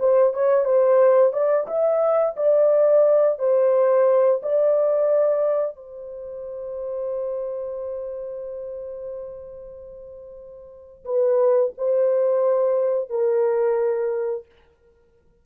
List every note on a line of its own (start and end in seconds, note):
0.00 0.34 C5
0.34 0.65 C#5
0.65 1.33 C5
1.33 1.67 D5
1.68 2.36 E5
2.36 3.39 D5
3.39 4.41 C5
4.43 5.76 D5
5.76 11.05 C5
11.05 11.73 B4
11.78 13.10 C5
13.10 14.46 A#4